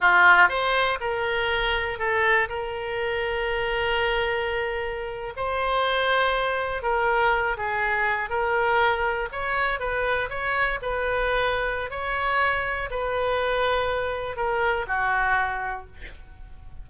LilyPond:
\new Staff \with { instrumentName = "oboe" } { \time 4/4 \tempo 4 = 121 f'4 c''4 ais'2 | a'4 ais'2.~ | ais'2~ ais'8. c''4~ c''16~ | c''4.~ c''16 ais'4. gis'8.~ |
gis'8. ais'2 cis''4 b'16~ | b'8. cis''4 b'2~ b'16 | cis''2 b'2~ | b'4 ais'4 fis'2 | }